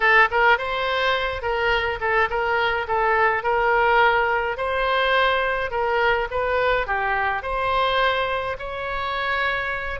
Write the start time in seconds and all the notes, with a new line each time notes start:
0.00 A4
0.30 A#4
0.58 C5
1.42 A#4
2.00 A4
2.29 A#4
2.87 A4
3.43 A#4
4.57 C5
5.70 A#4
6.31 B4
6.86 G4
7.42 C5
8.58 C#5